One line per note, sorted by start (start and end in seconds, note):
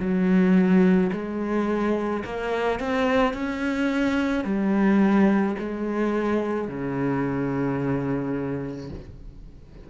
0.00 1.11 F#3
1.13 2.24 G#3
2.25 2.80 A#3
2.80 3.34 C4
3.34 4.45 C#4
4.45 5.56 G3
5.60 6.68 G#3
6.68 8.90 C#3